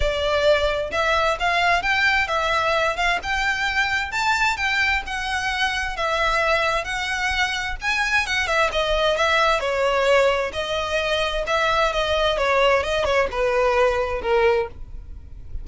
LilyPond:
\new Staff \with { instrumentName = "violin" } { \time 4/4 \tempo 4 = 131 d''2 e''4 f''4 | g''4 e''4. f''8 g''4~ | g''4 a''4 g''4 fis''4~ | fis''4 e''2 fis''4~ |
fis''4 gis''4 fis''8 e''8 dis''4 | e''4 cis''2 dis''4~ | dis''4 e''4 dis''4 cis''4 | dis''8 cis''8 b'2 ais'4 | }